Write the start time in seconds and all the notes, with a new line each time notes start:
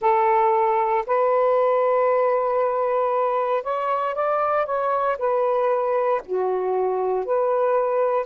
0.01 A4
1.06 B4
3.63 C#5
4.14 D5
4.65 C#5
5.18 B4
6.25 F#4
7.25 B4